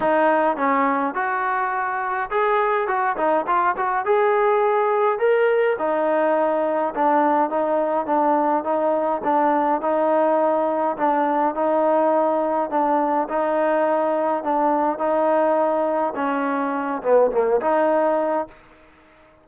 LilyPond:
\new Staff \with { instrumentName = "trombone" } { \time 4/4 \tempo 4 = 104 dis'4 cis'4 fis'2 | gis'4 fis'8 dis'8 f'8 fis'8 gis'4~ | gis'4 ais'4 dis'2 | d'4 dis'4 d'4 dis'4 |
d'4 dis'2 d'4 | dis'2 d'4 dis'4~ | dis'4 d'4 dis'2 | cis'4. b8 ais8 dis'4. | }